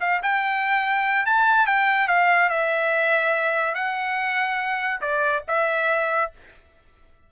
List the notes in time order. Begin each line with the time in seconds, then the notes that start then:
0.00 F5
0.22 G5
1.25 A5
1.66 G5
2.07 F5
2.49 E5
3.74 F#5
5.01 D5
5.47 E5